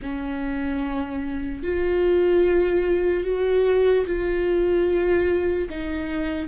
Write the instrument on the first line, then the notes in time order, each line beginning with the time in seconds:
viola
0.01 C#4
1.63 F4
3.24 F#4
4.06 F4
5.69 D#4